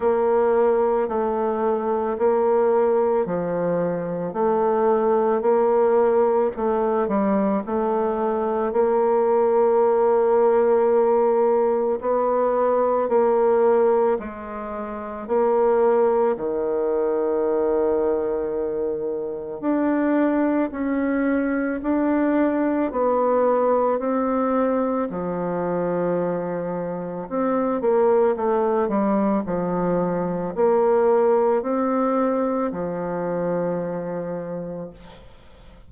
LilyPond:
\new Staff \with { instrumentName = "bassoon" } { \time 4/4 \tempo 4 = 55 ais4 a4 ais4 f4 | a4 ais4 a8 g8 a4 | ais2. b4 | ais4 gis4 ais4 dis4~ |
dis2 d'4 cis'4 | d'4 b4 c'4 f4~ | f4 c'8 ais8 a8 g8 f4 | ais4 c'4 f2 | }